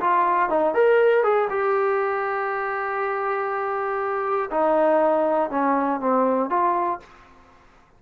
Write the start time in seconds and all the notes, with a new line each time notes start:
0.00 F4
0.49 D#4
0.74 A#4
1.23 G#4
1.49 G4
4.50 D#4
5.50 C#4
6.00 C4
6.49 F4